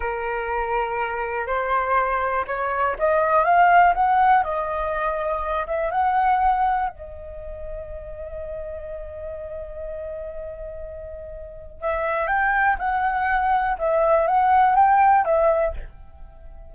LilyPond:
\new Staff \with { instrumentName = "flute" } { \time 4/4 \tempo 4 = 122 ais'2. c''4~ | c''4 cis''4 dis''4 f''4 | fis''4 dis''2~ dis''8 e''8 | fis''2 dis''2~ |
dis''1~ | dis''1 | e''4 g''4 fis''2 | e''4 fis''4 g''4 e''4 | }